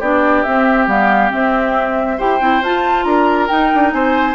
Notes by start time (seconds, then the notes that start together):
0.00 B3 D4 G4 D5
0.43 C4 E5
0.87 G3 B3 F5
1.30 C4 E5
2.18 E4 G4 C5 G5
2.40 C4 E4
2.62 F4 A5
3.04 D4 A#4 A#5
3.48 D#4 G5
3.74 D4
3.92 C4 C5 G#5